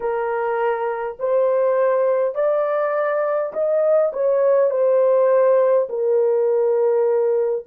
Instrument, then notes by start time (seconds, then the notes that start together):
horn
0.00 A#4
1.19 C5
2.35 D5
3.53 D#5
4.12 C#5
4.70 C5
5.89 A#4